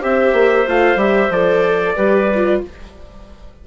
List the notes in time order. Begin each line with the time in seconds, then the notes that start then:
0.00 C4 G4 C5 E5
0.33 A#3
0.67 A3 F4 F5
0.96 G3 G4 E5
1.30 F3 A4 D5
1.95 G3 G4 B4
2.34 F4